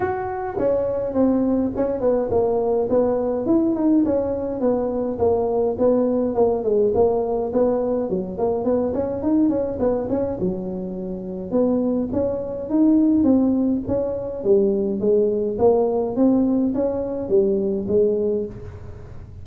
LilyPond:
\new Staff \with { instrumentName = "tuba" } { \time 4/4 \tempo 4 = 104 fis'4 cis'4 c'4 cis'8 b8 | ais4 b4 e'8 dis'8 cis'4 | b4 ais4 b4 ais8 gis8 | ais4 b4 fis8 ais8 b8 cis'8 |
dis'8 cis'8 b8 cis'8 fis2 | b4 cis'4 dis'4 c'4 | cis'4 g4 gis4 ais4 | c'4 cis'4 g4 gis4 | }